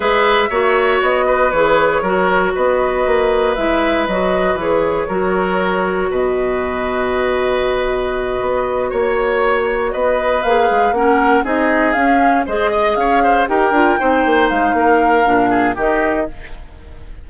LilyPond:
<<
  \new Staff \with { instrumentName = "flute" } { \time 4/4 \tempo 4 = 118 e''2 dis''4 cis''4~ | cis''4 dis''2 e''4 | dis''4 cis''2. | dis''1~ |
dis''4. cis''2 dis''8~ | dis''8 f''4 fis''4 dis''4 f''8~ | f''8 dis''4 f''4 g''4.~ | g''8 f''2~ f''8 dis''4 | }
  \new Staff \with { instrumentName = "oboe" } { \time 4/4 b'4 cis''4. b'4. | ais'4 b'2.~ | b'2 ais'2 | b'1~ |
b'4. cis''2 b'8~ | b'4. ais'4 gis'4.~ | gis'8 c''8 dis''8 cis''8 c''8 ais'4 c''8~ | c''4 ais'4. gis'8 g'4 | }
  \new Staff \with { instrumentName = "clarinet" } { \time 4/4 gis'4 fis'2 gis'4 | fis'2. e'4 | fis'4 gis'4 fis'2~ | fis'1~ |
fis'1~ | fis'8 gis'4 cis'4 dis'4 cis'8~ | cis'8 gis'2 g'8 f'8 dis'8~ | dis'2 d'4 dis'4 | }
  \new Staff \with { instrumentName = "bassoon" } { \time 4/4 gis4 ais4 b4 e4 | fis4 b4 ais4 gis4 | fis4 e4 fis2 | b,1~ |
b,8 b4 ais2 b8~ | b8 ais8 gis8 ais4 c'4 cis'8~ | cis'8 gis4 cis'4 dis'8 d'8 c'8 | ais8 gis8 ais4 ais,4 dis4 | }
>>